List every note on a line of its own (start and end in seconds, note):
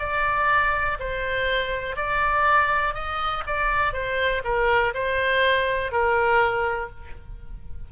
0.00 0.98 D5
1.00 1.97 C5
1.97 2.95 D5
2.95 3.44 D#5
3.47 3.93 D5
3.93 4.43 C5
4.45 4.94 A#4
4.94 5.92 C5
5.92 6.90 A#4